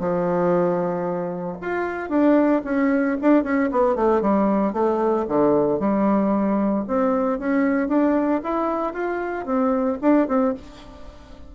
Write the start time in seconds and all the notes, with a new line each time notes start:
0.00 F3
1.62 F4
2.10 D4
2.65 C#4
3.22 D4
3.44 C#4
3.72 B3
3.96 A3
4.22 G3
4.73 A3
5.29 D3
5.80 G3
6.88 C4
7.39 C#4
7.89 D4
8.44 E4
8.94 F4
9.46 C4
10.02 D4
10.28 C4